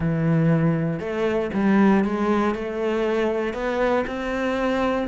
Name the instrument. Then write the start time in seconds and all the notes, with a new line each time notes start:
cello
0.00 E3
0.99 A3
1.53 G3
2.04 G#3
2.54 A3
3.53 B3
4.07 C4